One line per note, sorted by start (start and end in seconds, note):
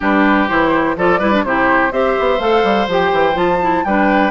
0.00 0.49 G3
0.00 0.48 D4
0.00 0.95 G4
0.00 0.48 B4
0.48 0.96 E3
0.48 0.96 E4
0.48 0.96 C5
0.96 1.20 F3
0.96 1.20 F4
0.96 1.19 A4
0.96 1.44 D5
1.19 1.43 G3
1.19 1.32 E4
1.19 1.43 B4
1.32 1.44 D4
1.43 1.91 C3
1.43 1.91 E4
1.43 1.92 G4
1.43 1.92 C5
1.91 2.15 C4
1.91 2.39 G4
1.91 3.84 C5
1.91 2.40 E5
2.19 2.39 B3
2.39 2.63 A3
2.39 2.88 A4
2.39 2.88 F5
2.63 2.87 G3
2.87 3.11 F3
2.87 3.33 G4
2.87 3.37 G5
3.12 3.35 E3
3.33 3.83 F3
3.33 3.57 F4
3.33 3.84 A5
3.61 3.85 E4
3.84 4.31 G3
3.84 4.31 D4
3.84 4.31 B4
3.84 4.31 G5